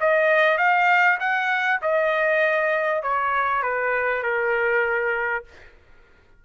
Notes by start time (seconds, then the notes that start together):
0.00 D#5
0.58 F5
1.20 F#5
1.82 D#5
3.02 C#5
3.62 B4
4.23 A#4